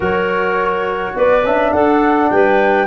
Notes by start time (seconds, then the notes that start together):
0.00 F#3 F#4 A#4 C#5
1.15 B3 B4 D5
1.43 C#4 D4 E5
1.72 D4 A4 F#5
2.30 G3 B4 G5